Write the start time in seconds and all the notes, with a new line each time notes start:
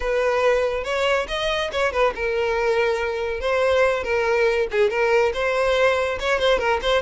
0.00 B4
0.84 C#5
1.28 D#5
1.72 C#5
1.92 B4
2.15 A#4
3.40 C5
4.03 A#4
4.71 G#4
4.90 A#4
5.33 C5
6.19 C#5
6.39 C5
6.58 A#4
6.82 C5